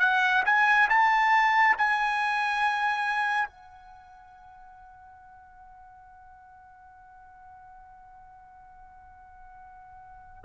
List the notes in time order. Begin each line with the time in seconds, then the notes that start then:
0.00 F#5
0.45 G#5
0.89 A5
1.78 G#5
3.48 F#5